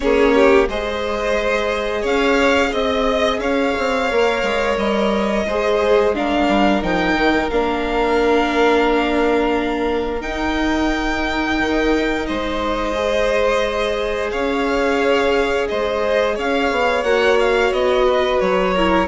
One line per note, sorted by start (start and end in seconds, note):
0.00 0.68 A#3
0.00 0.67 C#4
0.00 0.34 G#4
0.00 0.67 C#5
0.34 0.68 G4
0.68 2.04 G#3
0.68 4.10 G#4
0.68 2.01 C5
0.68 2.05 D#5
2.01 2.72 C#4
2.01 2.69 C#5
2.01 2.73 F5
2.72 3.38 C4
2.72 3.40 D#5
2.72 3.39 D#5
3.38 3.72 C#4
3.38 5.46 C#5
3.38 4.76 F5
3.78 4.11 C4
4.10 4.42 A#3
4.10 5.46 A#4
4.42 4.76 G#3
4.76 5.45 G3
4.76 6.14 D#5
5.46 6.48 G#3
5.46 6.14 G#4
5.46 6.15 C5
6.14 6.82 D4
6.14 12.27 A#4
6.14 6.83 F5
6.48 6.82 G3
6.82 7.14 F3
6.82 7.50 D#4
6.82 7.50 G5
7.14 7.49 D#3
7.50 10.23 A#3
7.50 10.20 D4
7.50 10.21 F5
10.20 12.93 D#4
10.20 11.59 D#4
10.20 12.25 G5
11.59 12.27 D#3
12.25 14.32 G#3
12.25 14.31 C5
12.25 14.30 D#5
12.94 17.03 G#4
14.31 15.69 C#4
14.31 15.67 C#5
14.31 15.67 F5
15.67 16.37 G#3
15.67 16.35 C5
15.67 16.36 D#5
16.35 16.71 C#4
16.35 18.05 C#5
16.35 17.03 F5
16.71 17.03 B3
17.03 17.71 A#3
17.03 18.75 F#4
17.03 17.37 F#5
17.39 17.72 F5
17.71 18.39 B3
17.71 18.40 D#5
18.06 18.74 B4
18.40 19.08 F#3
18.40 19.08 C#5
18.74 19.08 E4
18.74 19.08 A#4